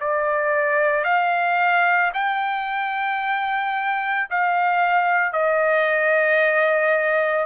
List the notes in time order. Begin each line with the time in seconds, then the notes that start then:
0.00 D5
1.04 F5
2.13 G5
4.30 F5
5.32 D#5